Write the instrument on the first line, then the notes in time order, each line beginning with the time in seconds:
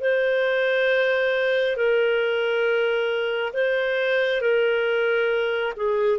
clarinet
0.00 C5
1.76 A#4
3.53 C5
4.41 A#4
5.76 G#4